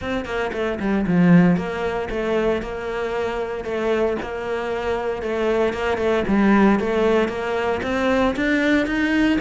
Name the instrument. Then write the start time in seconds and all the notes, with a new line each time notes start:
cello
0.01 C4
0.25 A#3
0.52 A3
0.79 G3
1.06 F3
1.57 A#3
2.10 A3
2.61 A#3
3.64 A3
4.21 A#3
5.22 A3
5.73 A#3
5.97 A3
6.27 G3
6.79 A3
7.28 A#3
7.83 C4
8.35 D4
8.86 D#4